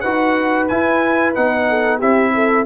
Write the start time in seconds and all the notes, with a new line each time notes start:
0.00 D#4 F#4 B4 F#5
0.68 E4 G#5
1.34 B3 D#4 F#5
1.69 A4
1.98 C4 E4 G4 E5
2.34 A4